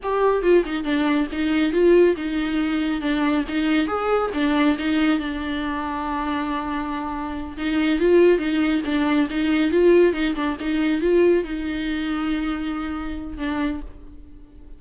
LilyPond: \new Staff \with { instrumentName = "viola" } { \time 4/4 \tempo 4 = 139 g'4 f'8 dis'8 d'4 dis'4 | f'4 dis'2 d'4 | dis'4 gis'4 d'4 dis'4 | d'1~ |
d'4. dis'4 f'4 dis'8~ | dis'8 d'4 dis'4 f'4 dis'8 | d'8 dis'4 f'4 dis'4.~ | dis'2. d'4 | }